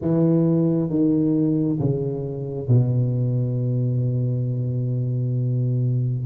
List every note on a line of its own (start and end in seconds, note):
0.01 0.89 E3
0.89 1.79 D#3
1.79 2.67 C#3
2.67 6.26 B2